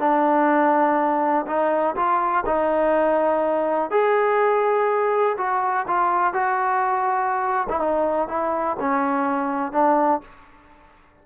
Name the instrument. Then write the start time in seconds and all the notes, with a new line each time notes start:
trombone
0.00 D4
1.47 D#4
1.96 F4
2.46 D#4
3.91 G#4
5.38 F#4
5.88 F4
6.34 F#4
7.70 E4
7.80 D#4
8.29 E4
8.80 C#4
9.73 D4